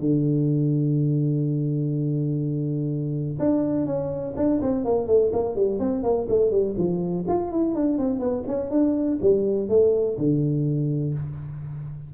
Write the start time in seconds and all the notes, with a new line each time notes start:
0.00 D3
3.39 D4
3.86 C#4
4.37 D4
4.62 C4
4.85 A#3
5.07 A3
5.33 A#3
5.56 G3
5.79 C4
6.03 A#3
6.29 A3
6.51 G3
6.77 F3
7.28 F4
7.52 E4
7.75 D4
7.98 C4
8.19 B3
8.47 C#4
8.70 D4
9.22 G3
9.69 A3
10.17 D3